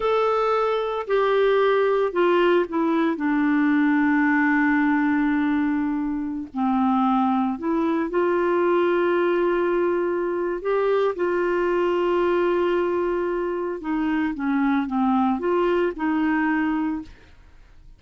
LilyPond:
\new Staff \with { instrumentName = "clarinet" } { \time 4/4 \tempo 4 = 113 a'2 g'2 | f'4 e'4 d'2~ | d'1~ | d'16 c'2 e'4 f'8.~ |
f'1 | g'4 f'2.~ | f'2 dis'4 cis'4 | c'4 f'4 dis'2 | }